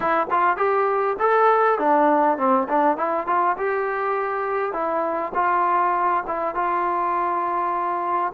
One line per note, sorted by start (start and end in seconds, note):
0.00 0.27 E4
0.30 0.56 F4
0.56 1.16 G4
1.19 1.78 A4
1.78 2.37 D4
2.37 2.67 C4
2.68 2.97 D4
2.97 3.26 E4
3.26 3.56 F4
3.57 4.72 G4
4.72 5.32 E4
5.34 6.23 F4
6.27 6.54 E4
6.54 8.32 F4